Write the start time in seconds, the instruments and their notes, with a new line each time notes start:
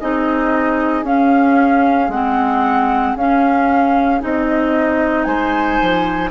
0.00 bassoon C4, clarinet D#4, oboe G#4, flute D#5
1.04 bassoon C#4, clarinet C#4, flute F5
2.09 bassoon G#3, clarinet C4, flute F#5
3.16 bassoon C#4, clarinet C#4, flute F5
4.21 bassoon C4, clarinet D#4, flute D#5
5.24 bassoon G#3, oboe C5, flute G#5
5.82 bassoon F3